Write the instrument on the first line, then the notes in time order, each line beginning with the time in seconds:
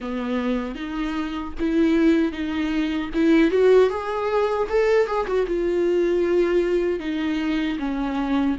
viola
0.00 B3
0.75 D#4
1.59 E4
2.32 D#4
3.14 E4
3.50 F#4
3.89 G#4
4.69 A4
5.06 G#4
5.26 F#4
5.47 F4
6.99 D#4
7.79 C#4